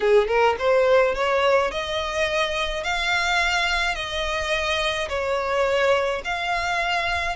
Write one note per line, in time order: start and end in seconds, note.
0.00 0.27 G#4
0.27 0.56 A#4
0.58 1.14 C5
1.14 1.71 C#5
1.71 2.83 D#5
2.83 3.95 F5
3.95 5.08 D#5
5.08 6.21 C#5
6.24 7.36 F5